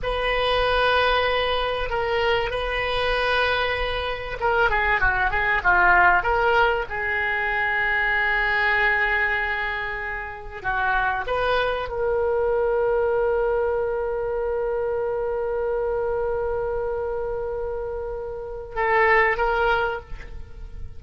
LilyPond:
\new Staff \with { instrumentName = "oboe" } { \time 4/4 \tempo 4 = 96 b'2. ais'4 | b'2. ais'8 gis'8 | fis'8 gis'8 f'4 ais'4 gis'4~ | gis'1~ |
gis'4 fis'4 b'4 ais'4~ | ais'1~ | ais'1~ | ais'2 a'4 ais'4 | }